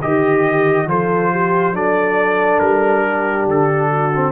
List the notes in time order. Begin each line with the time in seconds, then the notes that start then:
0.00 D#3 G4 D#5
0.87 F3 F4 A4 C5
1.32 G4
1.73 F#3 D4 A4 D5
2.59 G3 A#4
3.03 G4
3.47 D3 A4
3.90 F#4
4.16 C4